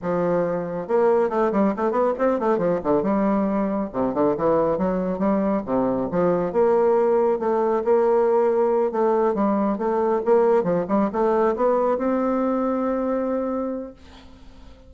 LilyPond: \new Staff \with { instrumentName = "bassoon" } { \time 4/4 \tempo 4 = 138 f2 ais4 a8 g8 | a8 b8 c'8 a8 f8 d8 g4~ | g4 c8 d8 e4 fis4 | g4 c4 f4 ais4~ |
ais4 a4 ais2~ | ais8 a4 g4 a4 ais8~ | ais8 f8 g8 a4 b4 c'8~ | c'1 | }